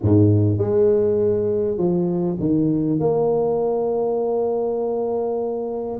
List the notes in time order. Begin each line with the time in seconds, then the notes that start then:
0.01 G#2
0.58 G#3
1.77 F3
2.39 D#3
2.99 A#3